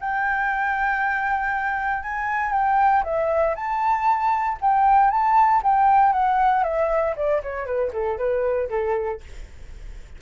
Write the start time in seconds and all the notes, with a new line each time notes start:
0.00 G5
2.03 G#5
2.52 G5
3.04 E5
3.55 A5
4.61 G5
5.10 A5
5.63 G5
6.13 F#5
6.64 E5
7.16 D5
7.42 C#5
7.66 B4
7.93 A4
8.18 B4
8.69 A4